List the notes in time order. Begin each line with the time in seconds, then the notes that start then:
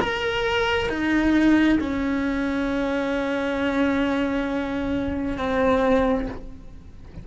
0.00 A#4
0.89 D#4
1.79 C#4
5.37 C4